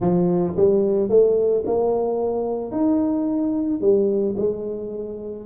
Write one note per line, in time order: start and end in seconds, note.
0.00 0.55 F3
0.56 1.09 G3
1.09 1.64 A3
1.66 2.71 A#3
2.71 3.80 D#4
3.81 4.35 G3
4.37 5.45 G#3